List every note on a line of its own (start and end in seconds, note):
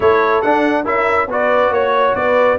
0.00 0.43 A3
0.00 0.43 E4
0.00 0.83 A4
0.00 0.42 C#5
0.42 0.86 D4
0.42 0.84 D4
0.42 0.85 F#5
0.83 1.27 C#4
0.83 1.28 E4
0.83 1.26 A#4
0.83 1.29 E5
1.27 1.70 B3
1.27 2.58 F#4
1.27 1.73 B4
1.27 1.73 D5
1.70 2.13 A#3
1.70 2.15 C#5
1.70 2.16 C#5
2.15 2.58 B3
2.15 2.58 B4
2.15 2.58 D5